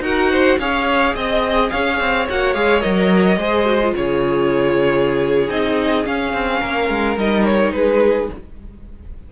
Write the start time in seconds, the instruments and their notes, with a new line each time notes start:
0.00 cello D#4, viola F#4, violin A#4 F#5
0.31 violin C5
0.59 cello C#4, viola G#4, violin C#5 F5
1.15 cello C4, violin D#5
1.70 cello C#4, violin C#5 F5
2.00 cello C4
2.29 cello A#3, viola F#4, violin F#5
2.54 cello G#3, viola G#4, violin F5
2.81 cello F#3, viola A#4, violin D#5
3.37 cello G#3, viola G#4, violin C5
3.66 viola F#4
3.82 viola F4
3.96 cello C#3, violin G#4 C#5
5.49 cello C4, viola D#4, violin D#5
6.05 viola C#4, cello C#4, violin F5
6.34 cello C4
6.61 cello A#3, violin A#4
6.89 cello G#3
7.17 cello G3, viola D#4, violin D#5
7.45 violin C#5
7.73 cello G#3, violin G#4 B4